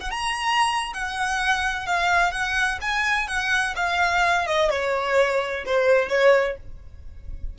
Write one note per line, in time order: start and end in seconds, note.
0.00 0.11 F#5
0.11 0.93 A#5
0.93 1.86 F#5
1.86 2.31 F5
2.31 2.79 F#5
2.81 3.27 G#5
3.27 3.75 F#5
3.75 4.46 F5
4.46 4.70 D#5
4.70 5.64 C#5
5.65 6.09 C5
6.09 6.56 C#5